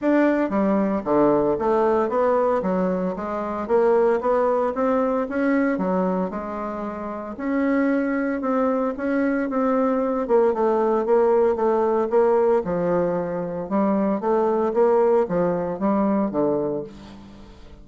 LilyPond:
\new Staff \with { instrumentName = "bassoon" } { \time 4/4 \tempo 4 = 114 d'4 g4 d4 a4 | b4 fis4 gis4 ais4 | b4 c'4 cis'4 fis4 | gis2 cis'2 |
c'4 cis'4 c'4. ais8 | a4 ais4 a4 ais4 | f2 g4 a4 | ais4 f4 g4 d4 | }